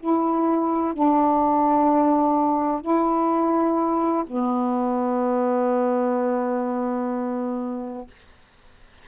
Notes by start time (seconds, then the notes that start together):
0.00 E4
0.94 D4
2.81 E4
4.27 B3